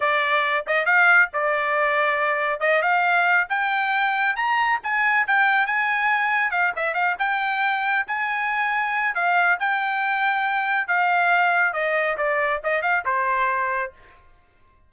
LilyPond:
\new Staff \with { instrumentName = "trumpet" } { \time 4/4 \tempo 4 = 138 d''4. dis''8 f''4 d''4~ | d''2 dis''8 f''4. | g''2 ais''4 gis''4 | g''4 gis''2 f''8 e''8 |
f''8 g''2 gis''4.~ | gis''4 f''4 g''2~ | g''4 f''2 dis''4 | d''4 dis''8 f''8 c''2 | }